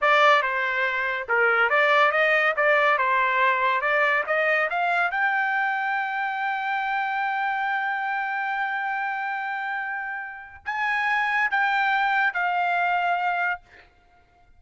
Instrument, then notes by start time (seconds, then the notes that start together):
trumpet
0.01 D5
0.42 C5
1.28 A#4
1.69 D5
2.11 D#5
2.56 D5
2.97 C5
3.81 D5
4.26 D#5
4.69 F5
5.10 G5
10.65 G#5
11.50 G5
12.33 F5